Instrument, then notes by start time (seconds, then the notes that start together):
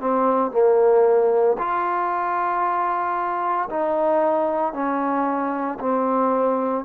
trombone
0.00 C4
0.51 A#3
1.58 F4
3.70 D#4
4.73 C#4
5.79 C4